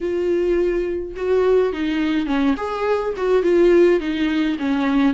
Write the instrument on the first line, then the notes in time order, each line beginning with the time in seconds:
viola
0.01 F4
1.16 F#4
1.72 D#4
2.26 C#4
2.56 G#4
3.16 F#4
3.42 F4
4.00 D#4
4.58 C#4